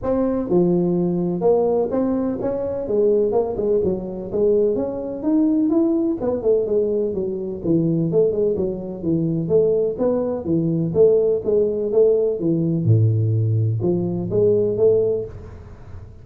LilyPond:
\new Staff \with { instrumentName = "tuba" } { \time 4/4 \tempo 4 = 126 c'4 f2 ais4 | c'4 cis'4 gis4 ais8 gis8 | fis4 gis4 cis'4 dis'4 | e'4 b8 a8 gis4 fis4 |
e4 a8 gis8 fis4 e4 | a4 b4 e4 a4 | gis4 a4 e4 a,4~ | a,4 f4 gis4 a4 | }